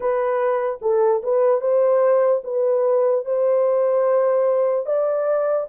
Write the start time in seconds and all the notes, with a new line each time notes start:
0.00 B4
0.81 A4
1.23 B4
1.60 C5
2.44 B4
3.25 C5
4.85 D5